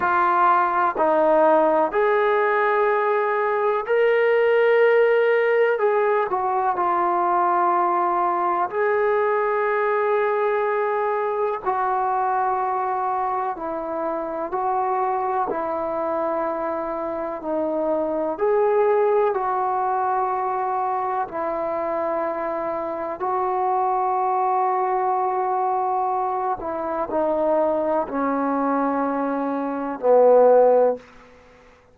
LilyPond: \new Staff \with { instrumentName = "trombone" } { \time 4/4 \tempo 4 = 62 f'4 dis'4 gis'2 | ais'2 gis'8 fis'8 f'4~ | f'4 gis'2. | fis'2 e'4 fis'4 |
e'2 dis'4 gis'4 | fis'2 e'2 | fis'2.~ fis'8 e'8 | dis'4 cis'2 b4 | }